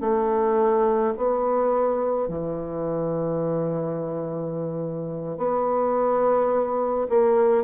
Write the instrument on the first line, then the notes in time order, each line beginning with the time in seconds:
bassoon
0.00 A3
1.16 B3
2.27 E3
5.37 B3
7.09 A#3